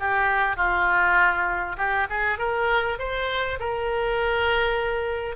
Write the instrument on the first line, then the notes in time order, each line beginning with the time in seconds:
oboe
0.00 G4
0.57 F4
1.78 G4
2.10 G#4
2.39 A#4
2.99 C5
3.60 A#4